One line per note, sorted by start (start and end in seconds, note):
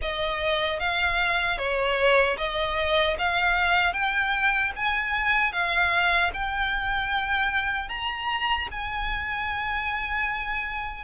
0.01 0.79 D#5
0.79 1.58 F5
1.58 2.36 C#5
2.37 3.16 D#5
3.18 3.93 F5
3.93 4.72 G5
4.76 5.52 G#5
5.52 6.31 F5
6.33 7.88 G5
7.88 8.67 A#5
8.71 11.04 G#5